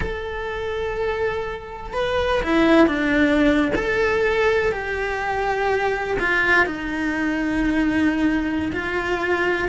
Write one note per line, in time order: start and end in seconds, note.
0.00 1.93 A4
1.93 2.41 B4
2.42 2.87 E4
2.87 3.72 D4
3.75 4.72 A4
4.72 6.17 G4
6.19 6.66 F4
6.66 8.71 D#4
8.72 9.68 F4